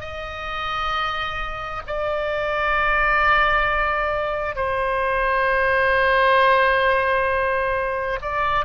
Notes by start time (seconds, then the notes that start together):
0.00 D#5
1.86 D5
4.55 C5
8.21 D5